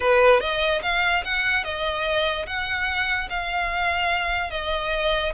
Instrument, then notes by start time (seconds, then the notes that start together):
violin
0.00 B4
0.40 D#5
0.82 F5
1.24 F#5
1.63 D#5
2.46 F#5
3.29 F5
4.50 D#5